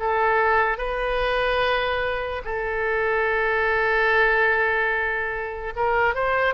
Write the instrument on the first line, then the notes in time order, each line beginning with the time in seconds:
oboe
0.00 A4
0.78 B4
2.45 A4
5.76 A#4
6.15 C5